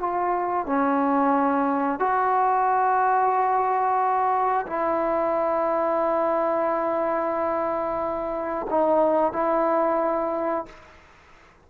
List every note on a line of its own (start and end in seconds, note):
0.00 0.67 F4
0.67 2.00 C#4
2.00 4.66 F#4
4.67 8.67 E4
8.71 9.33 D#4
9.33 10.66 E4